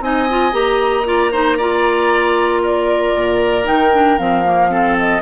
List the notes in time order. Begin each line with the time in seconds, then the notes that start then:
0.00 C4 D#4 D#5 G#5
0.29 F4
0.52 A#3 G4 A#5
1.04 F4 D5
1.32 D#4 C5
1.57 F4 D5
2.62 A#4 D5
3.13 A#2
3.63 D#3 D#4 G5
3.93 D4
4.18 F3 C4 F5
4.44 A#3
4.69 C4 A4
4.98 D#5